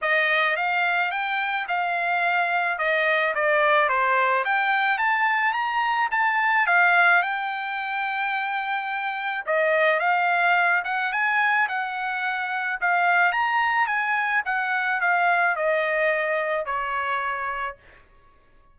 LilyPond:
\new Staff \with { instrumentName = "trumpet" } { \time 4/4 \tempo 4 = 108 dis''4 f''4 g''4 f''4~ | f''4 dis''4 d''4 c''4 | g''4 a''4 ais''4 a''4 | f''4 g''2.~ |
g''4 dis''4 f''4. fis''8 | gis''4 fis''2 f''4 | ais''4 gis''4 fis''4 f''4 | dis''2 cis''2 | }